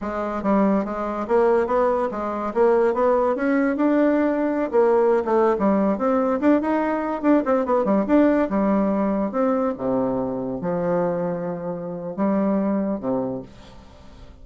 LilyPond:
\new Staff \with { instrumentName = "bassoon" } { \time 4/4 \tempo 4 = 143 gis4 g4 gis4 ais4 | b4 gis4 ais4 b4 | cis'4 d'2~ d'16 ais8.~ | ais8 a8. g4 c'4 d'8 dis'16~ |
dis'4~ dis'16 d'8 c'8 b8 g8 d'8.~ | d'16 g2 c'4 c8.~ | c4~ c16 f2~ f8.~ | f4 g2 c4 | }